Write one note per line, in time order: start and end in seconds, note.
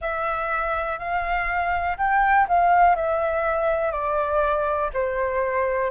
0.01 0.98 E5
0.98 1.97 F5
1.97 2.46 G5
2.48 2.95 F5
2.95 3.91 E5
3.91 4.90 D5
4.93 5.90 C5